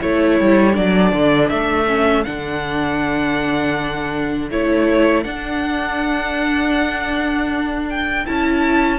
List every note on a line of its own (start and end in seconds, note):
0.00 0.40 A3
0.00 0.73 E4
0.00 8.99 A4
0.00 0.76 C#5
0.40 0.77 G3
0.73 1.12 F#3
0.73 1.86 D4
0.73 1.50 D5
1.12 1.50 D3
1.50 2.26 A3
1.50 2.24 E5
1.88 2.25 C#4
2.24 4.50 D3
2.24 4.51 D4
2.24 4.49 F#5
4.50 5.25 A3
4.50 5.25 E4
4.50 5.24 C#5
5.24 8.25 D4
5.24 7.86 F#5
7.90 8.26 G5
8.26 8.99 C#4
8.26 8.99 E4
8.26 8.99 A5